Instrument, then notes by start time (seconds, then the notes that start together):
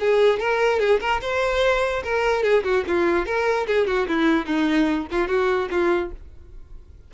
violin
0.00 G#4
0.39 A#4
0.80 G#4
1.00 A#4
1.22 C5
2.04 A#4
2.43 G#4
2.64 F#4
2.87 F4
3.26 A#4
3.67 G#4
3.87 F#4
4.08 E4
4.46 D#4
5.11 F4
5.28 F#4
5.71 F4